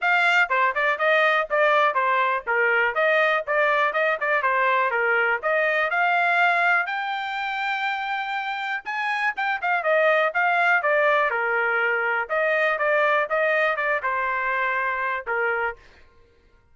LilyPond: \new Staff \with { instrumentName = "trumpet" } { \time 4/4 \tempo 4 = 122 f''4 c''8 d''8 dis''4 d''4 | c''4 ais'4 dis''4 d''4 | dis''8 d''8 c''4 ais'4 dis''4 | f''2 g''2~ |
g''2 gis''4 g''8 f''8 | dis''4 f''4 d''4 ais'4~ | ais'4 dis''4 d''4 dis''4 | d''8 c''2~ c''8 ais'4 | }